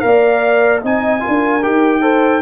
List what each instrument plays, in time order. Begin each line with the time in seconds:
0.00 tuba A#3, trombone A#4, horn D5, trumpet F5
0.83 tuba C4, trombone D#4, horn D#5, trumpet G#5
1.20 trombone F4, horn A#4
1.28 tuba D4
1.63 tuba D#4, trombone G4, trumpet G5
2.02 trombone A4, horn C5